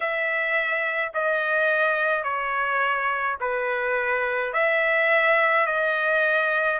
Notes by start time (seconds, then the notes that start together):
0.00 E5
1.14 D#5
2.23 C#5
3.40 B4
4.53 E5
5.66 D#5